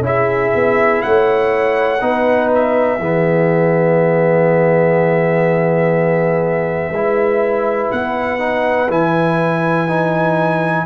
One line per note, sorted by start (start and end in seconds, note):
0.00 0.49 C#4
0.00 2.00 E4
0.00 1.02 E5
0.06 1.05 G#4
0.54 1.03 B3
1.02 2.02 A3
1.02 2.04 C#5
1.02 2.49 F#5
2.01 2.99 B3
2.01 2.99 D#4
2.01 2.99 B4
2.55 7.92 E5
2.99 6.91 E3
2.99 6.93 B3
2.99 6.93 G#4
6.91 7.89 G#3
6.91 8.39 E4
6.91 10.86 B4
7.92 8.89 B3
7.92 8.90 F#5
8.39 8.88 D#4
8.89 10.86 E3
8.89 9.88 E4
8.89 10.86 G#5
9.88 10.86 D#4